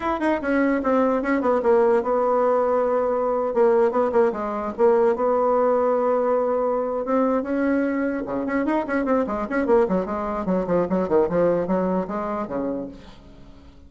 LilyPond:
\new Staff \with { instrumentName = "bassoon" } { \time 4/4 \tempo 4 = 149 e'8 dis'8 cis'4 c'4 cis'8 b8 | ais4 b2.~ | b8. ais4 b8 ais8 gis4 ais16~ | ais8. b2.~ b16~ |
b4. c'4 cis'4.~ | cis'8 cis8 cis'8 dis'8 cis'8 c'8 gis8 cis'8 | ais8 fis8 gis4 fis8 f8 fis8 dis8 | f4 fis4 gis4 cis4 | }